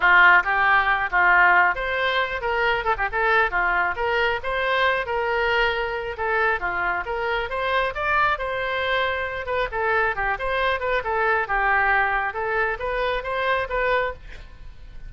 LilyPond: \new Staff \with { instrumentName = "oboe" } { \time 4/4 \tempo 4 = 136 f'4 g'4. f'4. | c''4. ais'4 a'16 g'16 a'4 | f'4 ais'4 c''4. ais'8~ | ais'2 a'4 f'4 |
ais'4 c''4 d''4 c''4~ | c''4. b'8 a'4 g'8 c''8~ | c''8 b'8 a'4 g'2 | a'4 b'4 c''4 b'4 | }